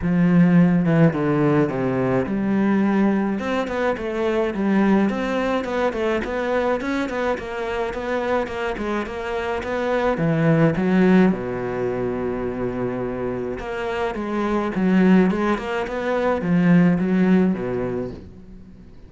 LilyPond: \new Staff \with { instrumentName = "cello" } { \time 4/4 \tempo 4 = 106 f4. e8 d4 c4 | g2 c'8 b8 a4 | g4 c'4 b8 a8 b4 | cis'8 b8 ais4 b4 ais8 gis8 |
ais4 b4 e4 fis4 | b,1 | ais4 gis4 fis4 gis8 ais8 | b4 f4 fis4 b,4 | }